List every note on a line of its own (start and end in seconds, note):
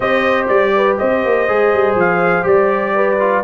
0.00 0.49 C4
0.00 1.48 G4
0.00 0.73 C5
0.00 0.47 D#5
0.47 0.98 G3
0.47 0.96 D5
0.75 0.99 B4
0.98 1.24 C4
0.98 2.95 C5
0.98 1.96 D#5
1.24 1.48 A#3
1.48 1.73 G#3
1.48 2.43 G#4
1.73 1.95 G3
1.95 2.44 F3
1.95 2.46 F5
2.43 3.43 G3
2.43 3.16 G4
2.43 3.43 D5
2.95 3.43 B4
3.19 3.43 F4